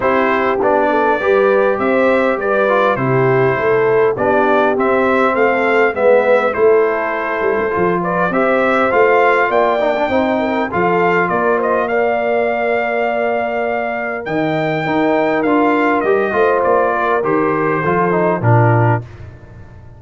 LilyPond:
<<
  \new Staff \with { instrumentName = "trumpet" } { \time 4/4 \tempo 4 = 101 c''4 d''2 e''4 | d''4 c''2 d''4 | e''4 f''4 e''4 c''4~ | c''4. d''8 e''4 f''4 |
g''2 f''4 d''8 dis''8 | f''1 | g''2 f''4 dis''4 | d''4 c''2 ais'4 | }
  \new Staff \with { instrumentName = "horn" } { \time 4/4 g'4. a'8 b'4 c''4 | b'4 g'4 a'4 g'4~ | g'4 a'4 b'4 a'4~ | a'4. b'8 c''2 |
d''4 c''8 ais'8 a'4 ais'8 c''8 | d''1 | dis''4 ais'2~ ais'8 c''8~ | c''8 ais'4. a'4 f'4 | }
  \new Staff \with { instrumentName = "trombone" } { \time 4/4 e'4 d'4 g'2~ | g'8 f'8 e'2 d'4 | c'2 b4 e'4~ | e'4 f'4 g'4 f'4~ |
f'8 dis'16 d'16 dis'4 f'2 | ais'1~ | ais'4 dis'4 f'4 g'8 f'8~ | f'4 g'4 f'8 dis'8 d'4 | }
  \new Staff \with { instrumentName = "tuba" } { \time 4/4 c'4 b4 g4 c'4 | g4 c4 a4 b4 | c'4 a4 gis4 a4~ | a8 g16 a16 f4 c'4 a4 |
ais4 c'4 f4 ais4~ | ais1 | dis4 dis'4 d'4 g8 a8 | ais4 dis4 f4 ais,4 | }
>>